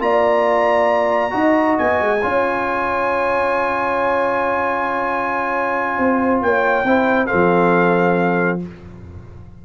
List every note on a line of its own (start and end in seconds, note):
0.00 1.32 A#3
0.00 1.31 F4
0.00 1.34 D5
0.00 1.78 A#5
1.31 1.78 D#4
1.31 2.19 F#4
1.31 2.23 D#5
1.78 2.01 B3
1.78 6.42 G#5
2.01 2.23 G#3
2.22 5.99 C#4
2.22 6.86 F4
2.22 5.98 C#5
5.98 6.42 C4
5.98 6.43 C5
6.42 6.84 A#3
6.42 6.87 C#5
6.42 7.27 G5
6.84 7.29 C4
6.84 7.28 E4
6.84 7.28 C5
7.27 8.60 C4
7.27 8.61 A4
7.27 8.59 F5
7.33 8.66 F3